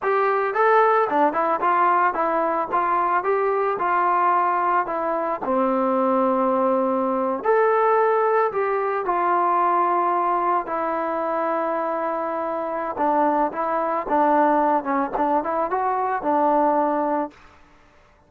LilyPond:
\new Staff \with { instrumentName = "trombone" } { \time 4/4 \tempo 4 = 111 g'4 a'4 d'8 e'8 f'4 | e'4 f'4 g'4 f'4~ | f'4 e'4 c'2~ | c'4.~ c'16 a'2 g'16~ |
g'8. f'2. e'16~ | e'1 | d'4 e'4 d'4. cis'8 | d'8 e'8 fis'4 d'2 | }